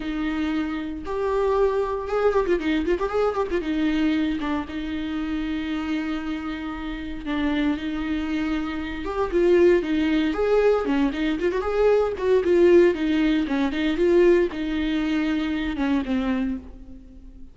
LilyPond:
\new Staff \with { instrumentName = "viola" } { \time 4/4 \tempo 4 = 116 dis'2 g'2 | gis'8 g'16 f'16 dis'8 f'16 g'16 gis'8 g'16 f'16 dis'4~ | dis'8 d'8 dis'2.~ | dis'2 d'4 dis'4~ |
dis'4. g'8 f'4 dis'4 | gis'4 cis'8 dis'8 f'16 fis'16 gis'4 fis'8 | f'4 dis'4 cis'8 dis'8 f'4 | dis'2~ dis'8 cis'8 c'4 | }